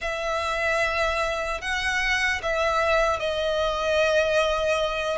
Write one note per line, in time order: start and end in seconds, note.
0.01 1.61 E5
1.61 2.41 F#5
2.42 3.19 E5
3.19 5.17 D#5